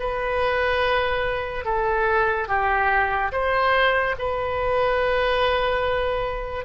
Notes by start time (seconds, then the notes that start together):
0.00 B4
1.65 A4
2.48 G4
3.32 C5
4.19 B4